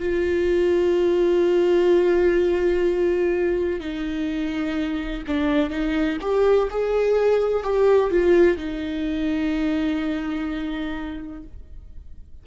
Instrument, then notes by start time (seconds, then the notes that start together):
viola
0.00 F4
3.80 D#4
5.27 D4
5.70 D#4
6.21 G4
6.71 G#4
7.63 G4
8.11 F4
8.58 D#4